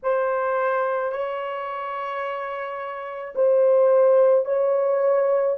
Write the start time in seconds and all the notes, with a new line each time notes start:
0.03 C5
1.12 C#5
3.35 C5
4.44 C#5